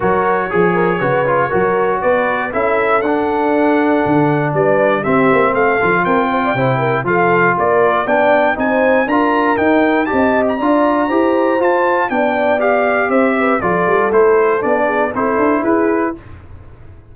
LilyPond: <<
  \new Staff \with { instrumentName = "trumpet" } { \time 4/4 \tempo 4 = 119 cis''1 | d''4 e''4 fis''2~ | fis''4 d''4 e''4 f''4 | g''2 f''4 d''4 |
g''4 gis''4 ais''4 g''4 | a''8. ais''2~ ais''16 a''4 | g''4 f''4 e''4 d''4 | c''4 d''4 c''4 b'4 | }
  \new Staff \with { instrumentName = "horn" } { \time 4/4 ais'4 gis'8 ais'8 b'4 ais'4 | b'4 a'2.~ | a'4 b'4 g'4 a'4 | ais'8 c''16 d''16 c''8 ais'8 a'4 ais'4 |
d''4 c''4 ais'2 | dis''4 d''4 c''2 | d''2 c''8 b'8 a'4~ | a'4. gis'8 a'4 gis'4 | }
  \new Staff \with { instrumentName = "trombone" } { \time 4/4 fis'4 gis'4 fis'8 f'8 fis'4~ | fis'4 e'4 d'2~ | d'2 c'4. f'8~ | f'4 e'4 f'2 |
d'4 dis'4 f'4 dis'4 | g'4 f'4 g'4 f'4 | d'4 g'2 f'4 | e'4 d'4 e'2 | }
  \new Staff \with { instrumentName = "tuba" } { \time 4/4 fis4 f4 cis4 fis4 | b4 cis'4 d'2 | d4 g4 c'8 ais8 a8 f8 | c'4 c4 f4 ais4 |
b4 c'4 d'4 dis'4 | c'4 d'4 e'4 f'4 | b2 c'4 f8 g8 | a4 b4 c'8 d'8 e'4 | }
>>